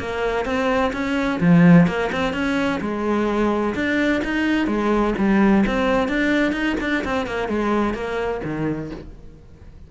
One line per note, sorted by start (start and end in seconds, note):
0.00 0.45 A#3
0.45 0.92 C4
0.93 1.40 C#4
1.41 1.87 F3
1.87 2.11 A#3
2.12 2.34 C4
2.34 2.80 C#4
2.81 3.75 G#3
3.75 4.22 D4
4.25 4.67 D#4
4.67 5.14 G#3
5.18 5.65 G3
5.67 6.09 C4
6.09 6.53 D4
6.53 6.76 D#4
6.81 7.04 D4
7.05 7.27 C4
7.27 7.49 A#3
7.49 7.94 G#3
7.94 8.41 A#3
8.44 8.91 D#3